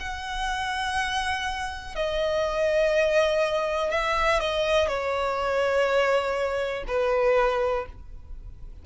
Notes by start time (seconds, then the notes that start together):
0.00 F#5
1.95 D#5
3.91 E5
4.40 D#5
4.88 C#5
6.88 B4